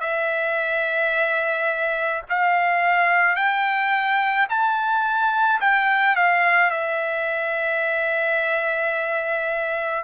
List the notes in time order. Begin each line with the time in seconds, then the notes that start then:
0.00 E5
2.29 F5
3.36 G5
4.49 A5
5.61 G5
6.16 F5
6.71 E5